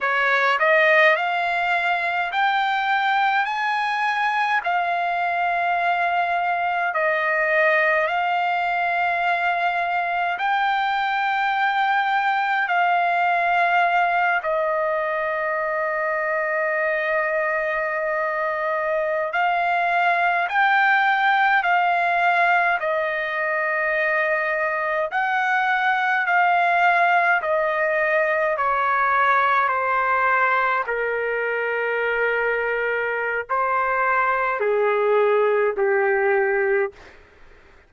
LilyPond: \new Staff \with { instrumentName = "trumpet" } { \time 4/4 \tempo 4 = 52 cis''8 dis''8 f''4 g''4 gis''4 | f''2 dis''4 f''4~ | f''4 g''2 f''4~ | f''8 dis''2.~ dis''8~ |
dis''8. f''4 g''4 f''4 dis''16~ | dis''4.~ dis''16 fis''4 f''4 dis''16~ | dis''8. cis''4 c''4 ais'4~ ais'16~ | ais'4 c''4 gis'4 g'4 | }